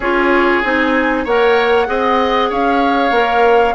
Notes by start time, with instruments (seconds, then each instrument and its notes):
0.00 bassoon C#4, clarinet F4, oboe G#4, flute C#5
0.62 bassoon C4, clarinet D#4, flute G#5
1.24 bassoon A#3, clarinet A#4, oboe C#5, flute F#5
1.86 bassoon C4, clarinet G#4, oboe D#5
2.49 bassoon C#4, oboe C#5, flute F5
3.10 bassoon A#3, clarinet A#4